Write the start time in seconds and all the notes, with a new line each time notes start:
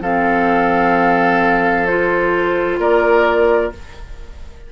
0.00 F3 C4 A4 F5
1.86 F4 C5
2.78 A#3 A#4 D5